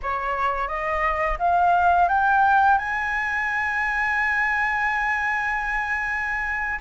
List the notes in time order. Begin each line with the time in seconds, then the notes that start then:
0.02 C#5
0.68 D#5
1.38 F5
2.08 G5
2.77 G#5